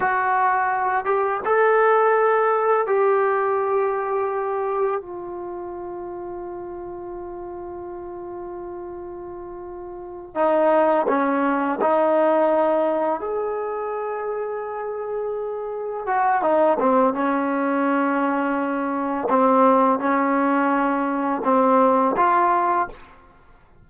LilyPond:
\new Staff \with { instrumentName = "trombone" } { \time 4/4 \tempo 4 = 84 fis'4. g'8 a'2 | g'2. f'4~ | f'1~ | f'2~ f'8 dis'4 cis'8~ |
cis'8 dis'2 gis'4.~ | gis'2~ gis'8 fis'8 dis'8 c'8 | cis'2. c'4 | cis'2 c'4 f'4 | }